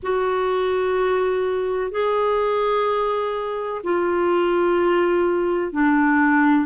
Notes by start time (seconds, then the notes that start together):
0.03 F#4
1.91 G#4
3.84 F4
5.72 D4